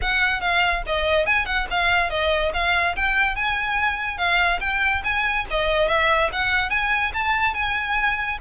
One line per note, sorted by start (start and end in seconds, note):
0.01 0.40 F#5
0.40 0.82 F5
0.86 1.26 D#5
1.26 1.45 G#5
1.45 1.66 F#5
1.70 2.10 F5
2.10 2.52 D#5
2.53 2.95 F5
2.96 3.35 G5
3.35 4.17 G#5
4.17 4.59 F5
4.60 5.02 G5
5.03 5.45 G#5
5.50 5.87 D#5
5.87 6.29 E5
6.32 6.70 F#5
6.70 7.12 G#5
7.13 7.54 A5
7.54 8.38 G#5